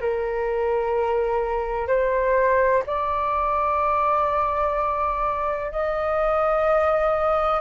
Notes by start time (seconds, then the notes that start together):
0.00 A#4
1.87 C5
2.86 D5
5.71 D#5